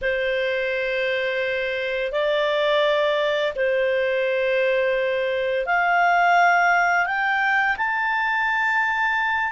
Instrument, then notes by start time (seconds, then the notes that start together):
clarinet
0.01 C5
2.12 D5
3.55 C5
5.66 F5
7.06 G5
7.77 A5